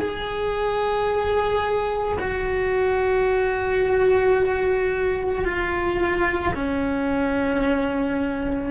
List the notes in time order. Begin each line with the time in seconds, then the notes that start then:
0.00 G#4
2.20 F#4
5.45 F4
6.55 C#4